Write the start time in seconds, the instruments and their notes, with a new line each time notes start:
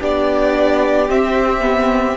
0.00 cello B3, viola D4, violin G4 D5
1.08 viola C4, cello C4, violin E5
1.60 viola B3